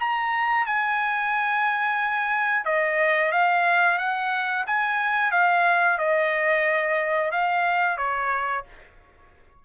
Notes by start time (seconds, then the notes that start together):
0.00 A#5
0.66 G#5
2.65 D#5
3.32 F5
3.98 F#5
4.67 G#5
5.32 F5
5.98 D#5
7.32 F5
7.98 C#5